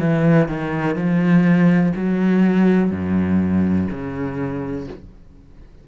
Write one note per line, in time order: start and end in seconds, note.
0.00 0.48 E3
0.48 0.96 D#3
0.96 1.93 F3
1.96 2.91 F#3
2.91 3.88 F#2
3.91 4.87 C#3